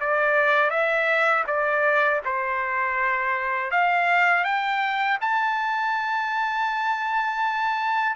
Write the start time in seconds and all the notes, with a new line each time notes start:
0.00 D5
0.70 E5
1.47 D5
2.25 C5
3.71 F5
4.44 G5
5.21 A5